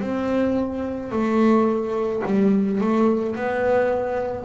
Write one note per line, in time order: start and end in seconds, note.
0.00 1.11 C4
1.11 2.22 A3
2.25 2.80 G3
2.80 3.35 A3
3.35 4.44 B3